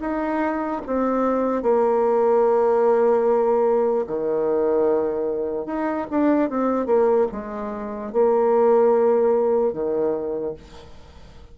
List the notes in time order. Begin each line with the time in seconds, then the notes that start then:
0.00 D#4
0.86 C4
1.62 A#3
4.07 D#3
5.66 D#4
6.10 D4
6.49 C4
6.86 A#3
7.31 G#3
8.12 A#3
9.73 D#3